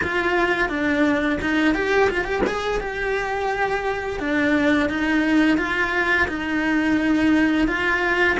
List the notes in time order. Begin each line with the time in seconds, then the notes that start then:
0.02 F4
0.68 D4
1.41 D#4
1.74 G4
2.10 F4
2.24 G4
2.46 G#4
2.80 G4
4.19 D4
4.89 D#4
5.57 F4
6.28 D#4
7.67 F4